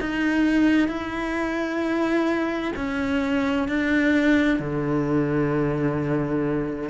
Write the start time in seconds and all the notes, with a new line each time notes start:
0.00 D#4
0.88 E4
2.76 C#4
3.68 D4
4.59 D3